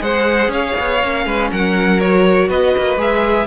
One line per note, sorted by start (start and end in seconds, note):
0.00 0.48 G#3
0.00 0.98 G#4
0.00 0.51 C5
0.00 0.51 F#5
0.48 0.73 C#4
0.48 1.25 C#5
0.48 1.51 F5
0.79 1.03 B3
1.03 1.26 A#3
1.03 2.00 C#4
1.26 1.51 G#3
1.26 1.51 B4
1.51 2.49 F#3
1.51 2.48 A#4
1.51 2.00 F#5
2.00 2.98 F#4
2.00 2.49 C#5
2.48 2.74 B3
2.48 3.47 B4
2.48 2.99 D#5
2.78 2.96 A#3
2.96 3.46 G#3
2.96 3.47 G#4
2.96 3.47 E5